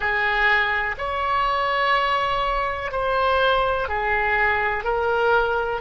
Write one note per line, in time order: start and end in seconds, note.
0.00 0.95 G#4
0.98 2.91 C#5
2.91 3.88 C5
3.88 4.84 G#4
4.84 5.80 A#4